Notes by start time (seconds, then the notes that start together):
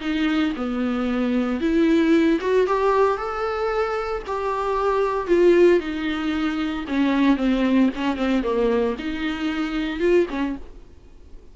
0.00 D#4
0.56 B3
1.60 E4
2.40 F#4
2.67 G4
3.17 A4
4.26 G4
5.27 F4
5.79 D#4
6.88 C#4
7.36 C4
7.95 C#4
8.16 C4
8.43 A#3
8.98 D#4
10.00 F4
10.30 C#4